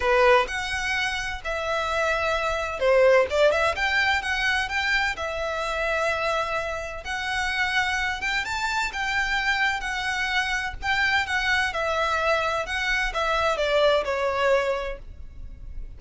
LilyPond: \new Staff \with { instrumentName = "violin" } { \time 4/4 \tempo 4 = 128 b'4 fis''2 e''4~ | e''2 c''4 d''8 e''8 | g''4 fis''4 g''4 e''4~ | e''2. fis''4~ |
fis''4. g''8 a''4 g''4~ | g''4 fis''2 g''4 | fis''4 e''2 fis''4 | e''4 d''4 cis''2 | }